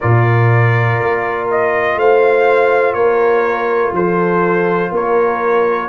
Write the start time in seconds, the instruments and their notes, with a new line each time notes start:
0.00 tuba A#2, trombone F4, horn A#4, trumpet D5
0.99 tuba A#3
1.50 trumpet D#5
1.95 tuba A3, horn C5, trumpet F5
2.93 tuba A#3, horn A#4, trumpet C#5
3.92 tuba F3, horn A4, trumpet C5
4.91 tuba A#3, horn A#4, trumpet C#5